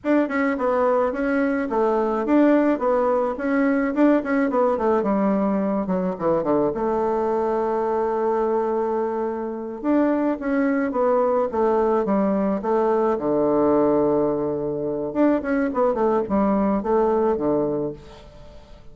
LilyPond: \new Staff \with { instrumentName = "bassoon" } { \time 4/4 \tempo 4 = 107 d'8 cis'8 b4 cis'4 a4 | d'4 b4 cis'4 d'8 cis'8 | b8 a8 g4. fis8 e8 d8 | a1~ |
a4. d'4 cis'4 b8~ | b8 a4 g4 a4 d8~ | d2. d'8 cis'8 | b8 a8 g4 a4 d4 | }